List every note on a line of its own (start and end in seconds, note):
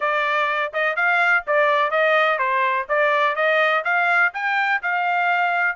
0.00 0.72 D5
0.73 0.96 D#5
0.96 1.44 F5
1.46 1.90 D5
1.90 2.38 D#5
2.38 2.86 C5
2.88 3.35 D5
3.35 3.83 D#5
3.84 4.32 F5
4.33 4.81 G5
4.82 5.76 F5